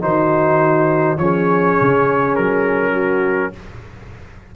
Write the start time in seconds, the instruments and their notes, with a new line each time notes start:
0.00 tuba D#3, trombone D#4, horn F#4, trumpet C5
1.18 tuba F3, trombone C#4, horn G#4, trumpet C#5
1.81 tuba C#3
2.36 tuba F#3, trumpet A#4
2.92 horn F#4